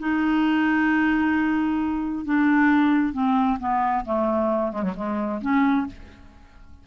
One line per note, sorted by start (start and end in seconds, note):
0.00 2.26 D#4
2.26 3.14 D4
3.14 3.59 C4
3.60 4.05 B3
4.06 4.72 A3
4.72 4.83 G#3
4.83 4.94 F#3
4.96 5.42 G#3
5.42 5.87 C#4